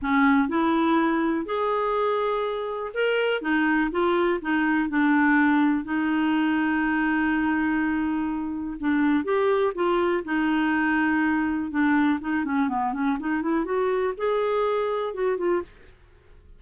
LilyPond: \new Staff \with { instrumentName = "clarinet" } { \time 4/4 \tempo 4 = 123 cis'4 e'2 gis'4~ | gis'2 ais'4 dis'4 | f'4 dis'4 d'2 | dis'1~ |
dis'2 d'4 g'4 | f'4 dis'2. | d'4 dis'8 cis'8 b8 cis'8 dis'8 e'8 | fis'4 gis'2 fis'8 f'8 | }